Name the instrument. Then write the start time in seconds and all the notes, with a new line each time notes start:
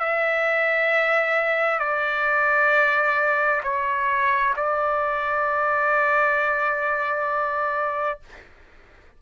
trumpet
0.00 E5
1.80 D5
3.64 C#5
4.57 D5